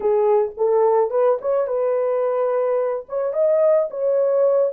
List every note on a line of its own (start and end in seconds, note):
0.00 0.51 G#4
0.57 1.10 A4
1.10 1.38 B4
1.41 1.67 C#5
1.67 3.06 B4
3.08 3.33 C#5
3.33 3.88 D#5
3.90 4.72 C#5